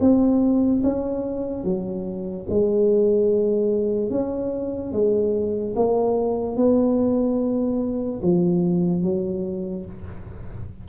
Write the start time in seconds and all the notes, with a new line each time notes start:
0.00 C4
0.83 C#4
1.64 F#3
2.50 G#3
4.10 C#4
4.92 G#3
5.75 A#3
6.56 B3
8.22 F3
9.03 F#3